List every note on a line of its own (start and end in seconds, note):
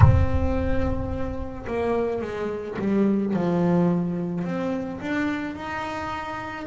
0.00 1.65 C4
1.66 2.21 A#3
2.21 2.77 G#3
2.78 3.33 G3
3.33 4.44 F3
4.44 4.99 C4
5.00 5.55 D4
5.55 6.66 D#4